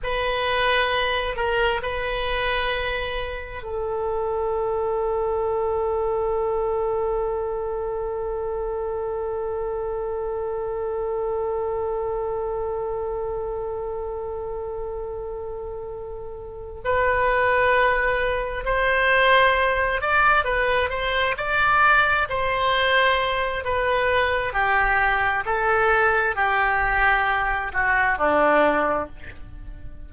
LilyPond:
\new Staff \with { instrumentName = "oboe" } { \time 4/4 \tempo 4 = 66 b'4. ais'8 b'2 | a'1~ | a'1~ | a'1~ |
a'2~ a'8 b'4.~ | b'8 c''4. d''8 b'8 c''8 d''8~ | d''8 c''4. b'4 g'4 | a'4 g'4. fis'8 d'4 | }